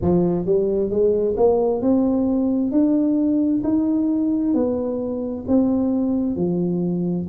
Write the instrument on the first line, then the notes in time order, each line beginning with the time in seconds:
tuba
0.01 F3
0.45 G3
0.90 G#3
1.36 A#3
1.81 C4
2.71 D4
3.63 D#4
4.53 B3
5.47 C4
6.36 F3